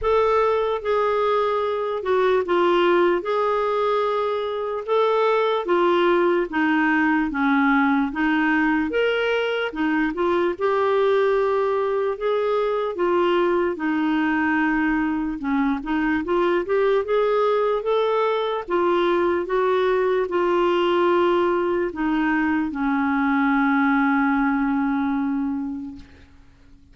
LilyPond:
\new Staff \with { instrumentName = "clarinet" } { \time 4/4 \tempo 4 = 74 a'4 gis'4. fis'8 f'4 | gis'2 a'4 f'4 | dis'4 cis'4 dis'4 ais'4 | dis'8 f'8 g'2 gis'4 |
f'4 dis'2 cis'8 dis'8 | f'8 g'8 gis'4 a'4 f'4 | fis'4 f'2 dis'4 | cis'1 | }